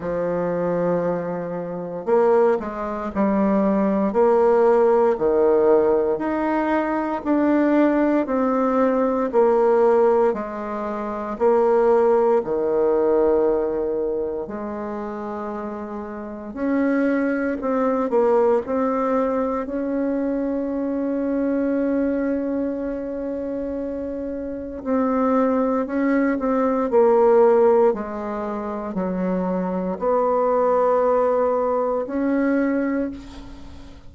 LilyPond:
\new Staff \with { instrumentName = "bassoon" } { \time 4/4 \tempo 4 = 58 f2 ais8 gis8 g4 | ais4 dis4 dis'4 d'4 | c'4 ais4 gis4 ais4 | dis2 gis2 |
cis'4 c'8 ais8 c'4 cis'4~ | cis'1 | c'4 cis'8 c'8 ais4 gis4 | fis4 b2 cis'4 | }